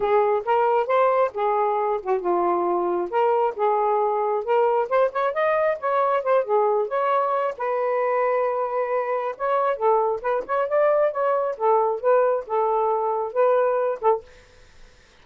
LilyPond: \new Staff \with { instrumentName = "saxophone" } { \time 4/4 \tempo 4 = 135 gis'4 ais'4 c''4 gis'4~ | gis'8 fis'8 f'2 ais'4 | gis'2 ais'4 c''8 cis''8 | dis''4 cis''4 c''8 gis'4 cis''8~ |
cis''4 b'2.~ | b'4 cis''4 a'4 b'8 cis''8 | d''4 cis''4 a'4 b'4 | a'2 b'4. a'8 | }